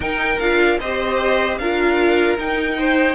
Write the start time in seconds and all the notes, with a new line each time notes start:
0.00 D#4 A#4 G5
0.39 D4 F4 F5
0.79 C4 G4 C5 D#5
1.58 D4 F4 A#4 F5
2.37 D#4 G5
2.78 C5